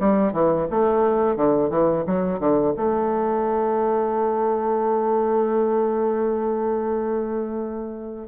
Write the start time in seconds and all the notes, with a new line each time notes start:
0.00 G3
0.33 E3
0.71 A3
1.37 D3
1.70 E3
2.07 F#3
2.40 D3
2.77 A3